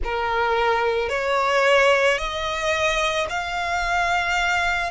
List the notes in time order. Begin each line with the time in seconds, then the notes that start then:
0.03 A#4
1.09 C#5
2.18 D#5
3.29 F5